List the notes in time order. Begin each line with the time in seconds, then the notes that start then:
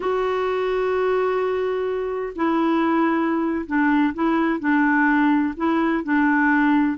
0.00 F#4
2.35 E4
3.66 D4
4.14 E4
4.59 D4
5.56 E4
6.03 D4